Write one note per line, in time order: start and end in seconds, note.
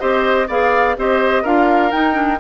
0.00 0.48 C4
0.00 0.48 G4
0.00 0.48 C5
0.00 0.48 D#5
0.48 0.96 B3
0.48 0.97 G#4
0.48 0.96 D5
0.48 0.98 F5
0.97 1.44 C4
0.97 1.45 G4
0.97 1.43 C5
0.97 1.46 D#5
1.43 1.92 D4
1.43 1.91 F4
1.43 2.39 A#4
1.43 1.91 F5
1.91 2.13 D#4
1.91 2.40 D#4
1.91 2.39 G5
2.13 2.37 D4